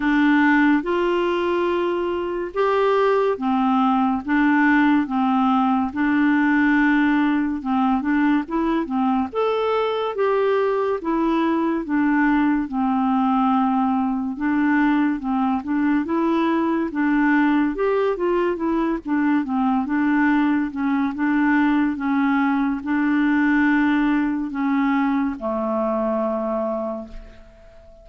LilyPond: \new Staff \with { instrumentName = "clarinet" } { \time 4/4 \tempo 4 = 71 d'4 f'2 g'4 | c'4 d'4 c'4 d'4~ | d'4 c'8 d'8 e'8 c'8 a'4 | g'4 e'4 d'4 c'4~ |
c'4 d'4 c'8 d'8 e'4 | d'4 g'8 f'8 e'8 d'8 c'8 d'8~ | d'8 cis'8 d'4 cis'4 d'4~ | d'4 cis'4 a2 | }